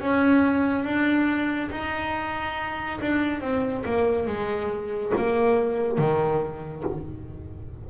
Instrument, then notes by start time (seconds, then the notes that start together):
double bass
0.00 C#4
0.85 D4
1.71 D#4
3.01 D4
3.41 C4
3.85 A#3
4.27 G#3
5.17 A#3
5.98 D#3